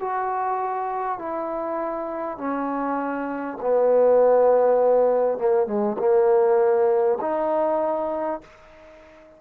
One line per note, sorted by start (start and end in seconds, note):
0.00 1.19 F#4
1.19 2.38 E4
2.38 3.58 C#4
3.61 5.38 B3
5.38 5.67 A#3
5.67 5.97 G#3
5.99 7.19 A#3
7.21 8.41 D#4